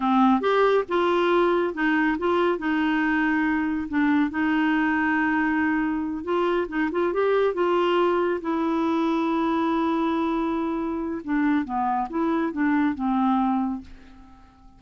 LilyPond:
\new Staff \with { instrumentName = "clarinet" } { \time 4/4 \tempo 4 = 139 c'4 g'4 f'2 | dis'4 f'4 dis'2~ | dis'4 d'4 dis'2~ | dis'2~ dis'8 f'4 dis'8 |
f'8 g'4 f'2 e'8~ | e'1~ | e'2 d'4 b4 | e'4 d'4 c'2 | }